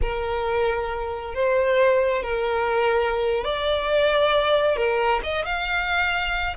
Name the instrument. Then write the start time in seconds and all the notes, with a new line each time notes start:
violin
0.01 A#4
1.34 C5
2.22 A#4
3.44 D5
4.76 A#4
5.23 D#5
5.45 F5